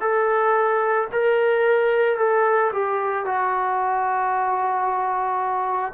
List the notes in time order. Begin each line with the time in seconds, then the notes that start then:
0.00 A4
1.12 A#4
2.17 A4
2.72 G4
3.25 F#4